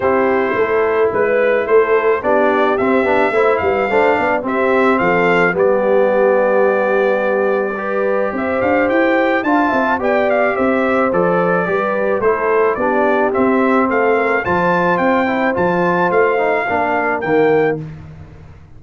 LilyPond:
<<
  \new Staff \with { instrumentName = "trumpet" } { \time 4/4 \tempo 4 = 108 c''2 b'4 c''4 | d''4 e''4. f''4. | e''4 f''4 d''2~ | d''2. e''8 f''8 |
g''4 a''4 g''8 f''8 e''4 | d''2 c''4 d''4 | e''4 f''4 a''4 g''4 | a''4 f''2 g''4 | }
  \new Staff \with { instrumentName = "horn" } { \time 4/4 g'4 a'4 b'4 a'4 | g'2 c''8 b'8 c''8 d''8 | g'4 a'4 g'2~ | g'2 b'4 c''4~ |
c''4 f''8 e''8 d''4 c''4~ | c''4 b'4 a'4 g'4~ | g'4 a'8 ais'8 c''2~ | c''2 ais'2 | }
  \new Staff \with { instrumentName = "trombone" } { \time 4/4 e'1 | d'4 c'8 d'8 e'4 d'4 | c'2 b2~ | b2 g'2~ |
g'4 f'4 g'2 | a'4 g'4 e'4 d'4 | c'2 f'4. e'8 | f'4. dis'8 d'4 ais4 | }
  \new Staff \with { instrumentName = "tuba" } { \time 4/4 c'4 a4 gis4 a4 | b4 c'8 b8 a8 g8 a8 b8 | c'4 f4 g2~ | g2. c'8 d'8 |
e'4 d'8 c'8 b4 c'4 | f4 g4 a4 b4 | c'4 a4 f4 c'4 | f4 a4 ais4 dis4 | }
>>